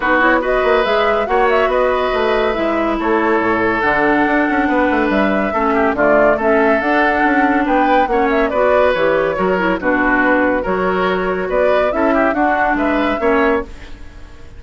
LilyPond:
<<
  \new Staff \with { instrumentName = "flute" } { \time 4/4 \tempo 4 = 141 b'8 cis''8 dis''4 e''4 fis''8 e''8 | dis''2 e''4 cis''4~ | cis''4 fis''2. | e''2 d''4 e''4 |
fis''2 g''4 fis''8 e''8 | d''4 cis''2 b'4~ | b'4 cis''2 d''4 | e''4 fis''4 e''2 | }
  \new Staff \with { instrumentName = "oboe" } { \time 4/4 fis'4 b'2 cis''4 | b'2. a'4~ | a'2. b'4~ | b'4 a'8 g'8 f'4 a'4~ |
a'2 b'4 cis''4 | b'2 ais'4 fis'4~ | fis'4 ais'2 b'4 | a'8 g'8 fis'4 b'4 cis''4 | }
  \new Staff \with { instrumentName = "clarinet" } { \time 4/4 dis'8 e'8 fis'4 gis'4 fis'4~ | fis'2 e'2~ | e'4 d'2.~ | d'4 cis'4 a4 cis'4 |
d'2. cis'4 | fis'4 g'4 fis'8 e'8 d'4~ | d'4 fis'2. | e'4 d'2 cis'4 | }
  \new Staff \with { instrumentName = "bassoon" } { \time 4/4 b4. ais8 gis4 ais4 | b4 a4 gis4 a4 | a,4 d4 d'8 cis'8 b8 a8 | g4 a4 d4 a4 |
d'4 cis'4 b4 ais4 | b4 e4 fis4 b,4~ | b,4 fis2 b4 | cis'4 d'4 gis4 ais4 | }
>>